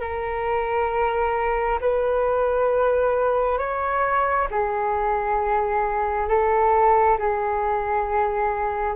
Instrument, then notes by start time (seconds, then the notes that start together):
flute
0.00 A#4
1.80 B4
3.58 C#5
4.51 G#4
6.28 A4
7.18 G#4